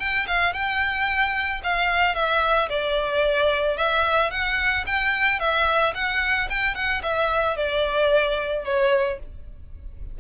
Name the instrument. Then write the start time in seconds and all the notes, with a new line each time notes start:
violin
0.00 G5
0.28 F5
0.54 G5
1.64 F5
2.15 E5
2.70 D5
3.78 E5
4.31 F#5
4.87 G5
5.40 E5
5.95 F#5
6.50 G5
6.75 F#5
7.03 E5
7.57 D5
8.66 C#5